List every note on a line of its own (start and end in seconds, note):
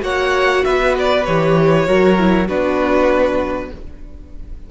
0.00 0.64 A#3
0.00 1.22 F#4
0.00 0.64 C#5
0.00 0.65 F#5
0.65 1.27 B3
0.65 1.87 B4
0.65 0.95 E5
0.99 1.24 D5
1.24 1.87 E3
1.24 1.87 G4
1.24 2.47 C#5
1.87 2.49 F#3
1.87 2.17 F#4
1.87 2.48 A#4
2.17 2.48 E4
2.48 3.71 B3
2.48 3.71 D4
2.48 3.70 F#4
2.48 3.71 B4